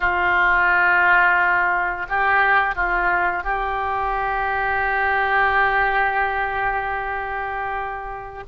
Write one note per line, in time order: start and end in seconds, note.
0.00 2.06 F4
2.08 2.75 G4
2.75 3.43 F4
3.43 8.43 G4